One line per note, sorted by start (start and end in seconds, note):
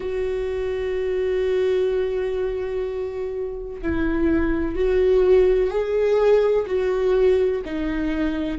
0.00 3.81 F#4
3.81 4.75 E4
4.75 5.70 F#4
5.70 6.65 G#4
6.66 7.61 F#4
7.65 8.58 D#4